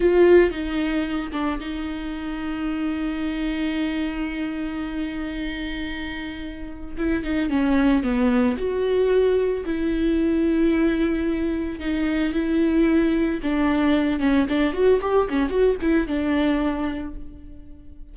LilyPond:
\new Staff \with { instrumentName = "viola" } { \time 4/4 \tempo 4 = 112 f'4 dis'4. d'8 dis'4~ | dis'1~ | dis'1~ | dis'4 e'8 dis'8 cis'4 b4 |
fis'2 e'2~ | e'2 dis'4 e'4~ | e'4 d'4. cis'8 d'8 fis'8 | g'8 cis'8 fis'8 e'8 d'2 | }